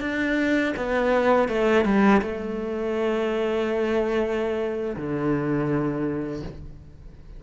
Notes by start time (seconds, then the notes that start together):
0.00 D4
0.76 B3
1.48 A3
1.84 G3
2.21 A3
4.96 D3